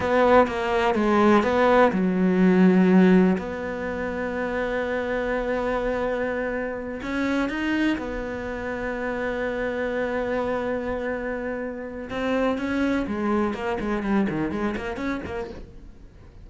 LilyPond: \new Staff \with { instrumentName = "cello" } { \time 4/4 \tempo 4 = 124 b4 ais4 gis4 b4 | fis2. b4~ | b1~ | b2~ b8 cis'4 dis'8~ |
dis'8 b2.~ b8~ | b1~ | b4 c'4 cis'4 gis4 | ais8 gis8 g8 dis8 gis8 ais8 cis'8 ais8 | }